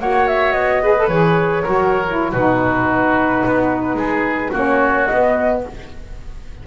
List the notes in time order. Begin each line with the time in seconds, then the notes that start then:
0.00 A#3 F#4 C#5 F#5
0.28 E5
0.52 B3 D#5
0.83 G#4 B4
0.98 A4
1.08 E3 G#4 C#5
1.64 F#3 F#4 A#4
2.09 E4
2.32 B2 D#4 F#4 B4
3.46 B3
3.95 G#3 G#4
4.52 A#3 C#4 F#4 C#5
5.06 B3 D#5